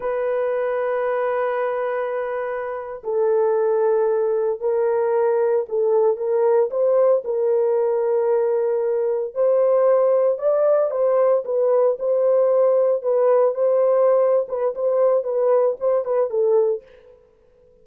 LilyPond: \new Staff \with { instrumentName = "horn" } { \time 4/4 \tempo 4 = 114 b'1~ | b'4.~ b'16 a'2~ a'16~ | a'8. ais'2 a'4 ais'16~ | ais'8. c''4 ais'2~ ais'16~ |
ais'4.~ ais'16 c''2 d''16~ | d''8. c''4 b'4 c''4~ c''16~ | c''8. b'4 c''4.~ c''16 b'8 | c''4 b'4 c''8 b'8 a'4 | }